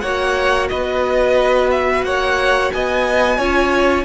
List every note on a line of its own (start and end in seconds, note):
0.00 0.70 A#3
0.00 3.38 F#4
0.00 0.69 C#5
0.00 0.67 F#5
0.69 2.03 B3
0.69 2.05 B4
0.69 1.70 D#5
1.71 2.04 E5
2.03 2.70 A#3
2.03 2.73 C#5
2.03 2.71 F#5
2.72 3.38 B3
2.72 3.37 D#5
2.72 4.05 G#5
3.37 4.05 C#4
3.37 4.05 F4
3.37 4.04 C#5